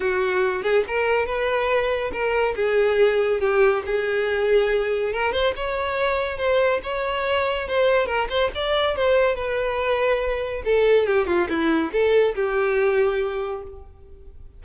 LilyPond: \new Staff \with { instrumentName = "violin" } { \time 4/4 \tempo 4 = 141 fis'4. gis'8 ais'4 b'4~ | b'4 ais'4 gis'2 | g'4 gis'2. | ais'8 c''8 cis''2 c''4 |
cis''2 c''4 ais'8 c''8 | d''4 c''4 b'2~ | b'4 a'4 g'8 f'8 e'4 | a'4 g'2. | }